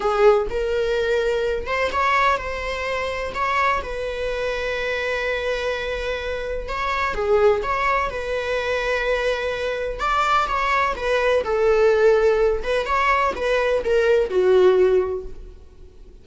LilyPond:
\new Staff \with { instrumentName = "viola" } { \time 4/4 \tempo 4 = 126 gis'4 ais'2~ ais'8 c''8 | cis''4 c''2 cis''4 | b'1~ | b'2 cis''4 gis'4 |
cis''4 b'2.~ | b'4 d''4 cis''4 b'4 | a'2~ a'8 b'8 cis''4 | b'4 ais'4 fis'2 | }